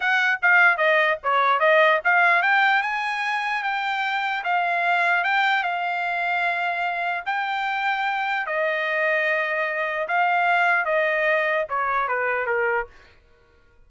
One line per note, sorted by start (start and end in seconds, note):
0.00 0.39 F#5
0.41 0.77 F5
0.77 1.17 D#5
1.23 1.59 C#5
1.59 2.00 D#5
2.04 2.42 F5
2.42 2.82 G5
2.82 3.63 G#5
3.63 4.43 G5
4.43 5.24 F5
5.24 5.63 G5
5.63 7.24 F5
7.25 8.46 G5
8.46 10.07 D#5
10.08 10.85 F5
10.85 11.66 D#5
11.69 12.08 C#5
12.08 12.46 B4
12.46 12.86 A#4